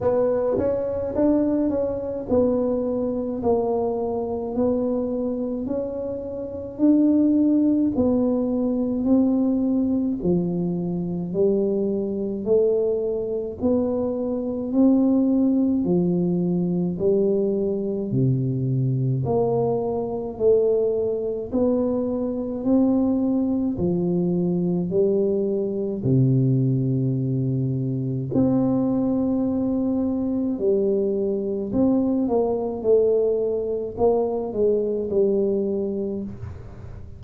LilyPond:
\new Staff \with { instrumentName = "tuba" } { \time 4/4 \tempo 4 = 53 b8 cis'8 d'8 cis'8 b4 ais4 | b4 cis'4 d'4 b4 | c'4 f4 g4 a4 | b4 c'4 f4 g4 |
c4 ais4 a4 b4 | c'4 f4 g4 c4~ | c4 c'2 g4 | c'8 ais8 a4 ais8 gis8 g4 | }